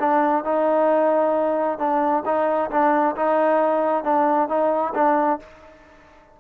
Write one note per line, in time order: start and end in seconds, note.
0.00 0.45 D4
0.45 1.79 D#4
1.79 2.24 D4
2.26 2.71 D#4
2.71 3.16 D4
3.16 4.04 D#4
4.04 4.49 D4
4.49 4.94 D#4
4.95 5.40 D4